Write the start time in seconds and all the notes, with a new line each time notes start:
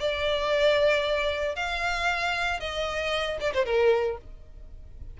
0.00 D5
1.56 F5
2.60 D#5
3.40 D5
3.53 C5
3.65 A#4